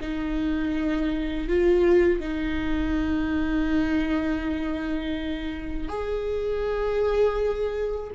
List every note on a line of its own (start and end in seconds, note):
0.00 1.48 D#4
1.48 2.20 F4
2.20 5.88 D#4
5.88 8.10 G#4